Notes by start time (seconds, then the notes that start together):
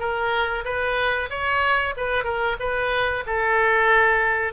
0.00 A#4
0.65 B4
1.30 C#5
1.97 B4
2.24 A#4
2.60 B4
3.27 A4